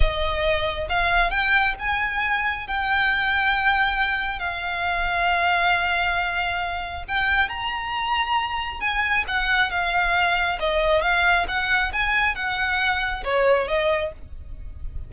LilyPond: \new Staff \with { instrumentName = "violin" } { \time 4/4 \tempo 4 = 136 dis''2 f''4 g''4 | gis''2 g''2~ | g''2 f''2~ | f''1 |
g''4 ais''2. | gis''4 fis''4 f''2 | dis''4 f''4 fis''4 gis''4 | fis''2 cis''4 dis''4 | }